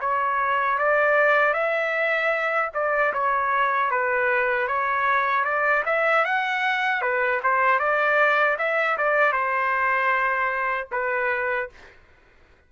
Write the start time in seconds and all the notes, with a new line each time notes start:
0.00 C#5
0.78 D5
1.53 E5
2.73 D5
3.13 C#5
3.90 B4
4.67 C#5
5.44 D5
5.85 E5
6.24 F#5
7.01 B4
7.43 C5
7.79 D5
8.58 E5
8.97 D5
9.32 C5
10.91 B4